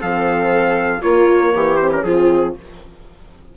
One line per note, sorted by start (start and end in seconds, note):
0.00 1.04 F3
0.00 1.03 C4
0.00 1.02 A4
0.00 1.03 F5
1.02 1.55 A#3
1.02 1.81 A#3
1.02 1.53 F4
1.02 1.77 C#5
1.55 2.04 E3
1.55 2.05 G4
1.77 1.93 C4
1.77 1.90 C5
1.93 2.06 C#4
1.93 2.04 A#4
2.04 2.55 F3
2.04 2.57 C4
2.04 2.56 F4
2.04 2.55 G#4